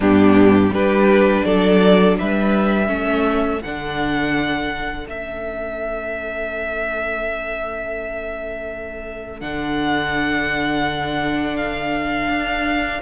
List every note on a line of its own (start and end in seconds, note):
0.00 0.70 G2
0.00 0.73 B3
0.00 0.71 D4
0.00 0.73 G4
0.70 1.42 G3
0.70 2.87 D4
0.70 1.44 G4
0.70 1.44 B4
1.44 2.18 F#3
1.44 2.17 A4
1.44 2.17 D5
2.18 2.89 G3
2.18 2.87 B4
2.18 3.62 E5
2.87 3.61 A3
2.87 3.59 C#4
2.87 12.99 A4
3.62 5.07 D3
3.62 5.06 D4
3.62 5.06 F#5
5.06 9.41 A3
5.06 9.40 C#4
5.06 9.40 E5
9.40 12.27 D3
9.40 13.01 D4
9.40 11.56 F#5
11.56 13.01 F5
12.27 13.00 D4